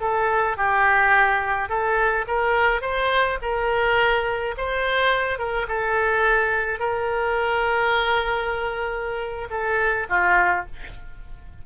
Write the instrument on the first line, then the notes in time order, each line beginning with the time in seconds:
oboe
0.00 A4
0.56 G4
1.69 A4
2.27 A#4
2.81 C5
3.41 A#4
4.57 C5
5.38 A#4
5.68 A4
6.79 A#4
9.50 A4
10.09 F4